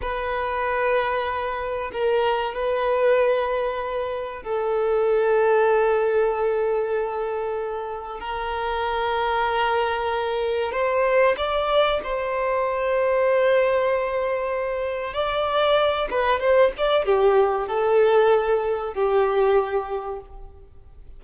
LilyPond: \new Staff \with { instrumentName = "violin" } { \time 4/4 \tempo 4 = 95 b'2. ais'4 | b'2. a'4~ | a'1~ | a'4 ais'2.~ |
ais'4 c''4 d''4 c''4~ | c''1 | d''4. b'8 c''8 d''8 g'4 | a'2 g'2 | }